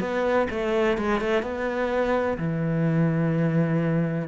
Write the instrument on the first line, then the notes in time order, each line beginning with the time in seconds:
cello
0.00 B3
0.50 A3
0.97 G#3
1.20 A3
1.42 B3
2.38 E3